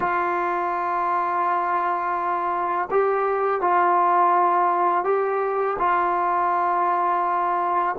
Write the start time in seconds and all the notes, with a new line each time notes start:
0.00 F4
2.90 G4
3.61 F4
5.04 G4
5.78 F4